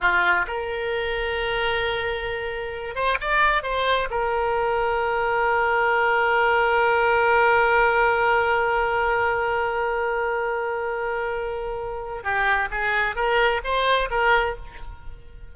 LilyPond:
\new Staff \with { instrumentName = "oboe" } { \time 4/4 \tempo 4 = 132 f'4 ais'2.~ | ais'2~ ais'8 c''8 d''4 | c''4 ais'2.~ | ais'1~ |
ais'1~ | ais'1~ | ais'2. g'4 | gis'4 ais'4 c''4 ais'4 | }